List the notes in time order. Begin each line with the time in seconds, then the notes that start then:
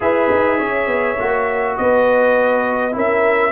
0.00 E4 G#4 B4 E5
0.30 D#4
0.58 C#4 C#5
0.87 B3
1.19 A#3 F#4
1.77 B3 B4 D#5
2.91 C#4 E4 A#4 E5